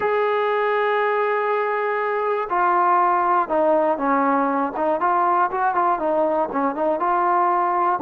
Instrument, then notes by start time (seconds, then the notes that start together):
trombone
0.00 G#4
2.49 F4
3.48 D#4
3.97 C#4
4.76 D#4
5.00 F4
5.51 F#4
5.74 F4
5.99 D#4
6.52 C#4
6.75 D#4
6.99 F4